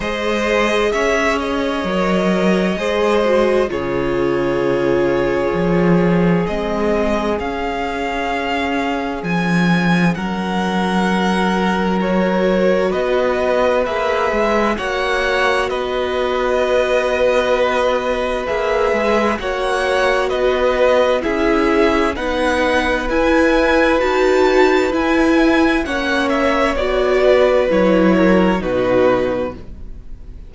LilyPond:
<<
  \new Staff \with { instrumentName = "violin" } { \time 4/4 \tempo 4 = 65 dis''4 e''8 dis''2~ dis''8 | cis''2. dis''4 | f''2 gis''4 fis''4~ | fis''4 cis''4 dis''4 e''4 |
fis''4 dis''2. | e''4 fis''4 dis''4 e''4 | fis''4 gis''4 a''4 gis''4 | fis''8 e''8 d''4 cis''4 b'4 | }
  \new Staff \with { instrumentName = "violin" } { \time 4/4 c''4 cis''2 c''4 | gis'1~ | gis'2. ais'4~ | ais'2 b'2 |
cis''4 b'2.~ | b'4 cis''4 b'4 gis'4 | b'1 | cis''4. b'4 ais'8 fis'4 | }
  \new Staff \with { instrumentName = "viola" } { \time 4/4 gis'2 ais'4 gis'8 fis'8 | f'2. c'4 | cis'1~ | cis'4 fis'2 gis'4 |
fis'1 | gis'4 fis'2 e'4 | dis'4 e'4 fis'4 e'4 | cis'4 fis'4 e'4 dis'4 | }
  \new Staff \with { instrumentName = "cello" } { \time 4/4 gis4 cis'4 fis4 gis4 | cis2 f4 gis4 | cis'2 f4 fis4~ | fis2 b4 ais8 gis8 |
ais4 b2. | ais8 gis8 ais4 b4 cis'4 | b4 e'4 dis'4 e'4 | ais4 b4 fis4 b,4 | }
>>